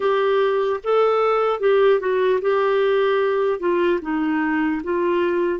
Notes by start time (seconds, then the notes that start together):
0.00 G4
0.83 A4
1.60 G4
2.00 F#4
2.41 G4
3.59 F4
4.01 D#4
4.83 F4